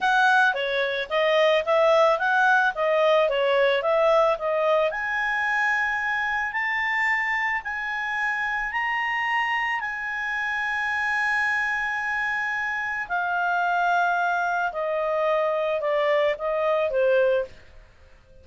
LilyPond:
\new Staff \with { instrumentName = "clarinet" } { \time 4/4 \tempo 4 = 110 fis''4 cis''4 dis''4 e''4 | fis''4 dis''4 cis''4 e''4 | dis''4 gis''2. | a''2 gis''2 |
ais''2 gis''2~ | gis''1 | f''2. dis''4~ | dis''4 d''4 dis''4 c''4 | }